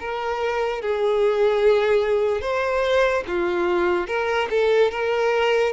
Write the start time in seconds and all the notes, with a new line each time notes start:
0.00 A#4
0.81 G#4
2.41 C5
3.27 F4
4.07 A#4
4.50 A4
4.91 A#4